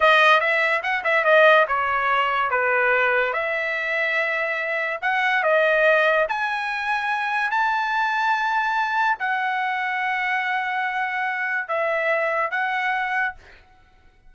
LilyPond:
\new Staff \with { instrumentName = "trumpet" } { \time 4/4 \tempo 4 = 144 dis''4 e''4 fis''8 e''8 dis''4 | cis''2 b'2 | e''1 | fis''4 dis''2 gis''4~ |
gis''2 a''2~ | a''2 fis''2~ | fis''1 | e''2 fis''2 | }